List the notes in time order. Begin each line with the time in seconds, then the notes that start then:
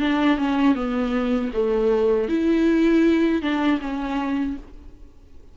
0.00 D4
0.38 C#4
0.75 B3
1.54 A3
2.29 E4
3.42 D4
3.81 C#4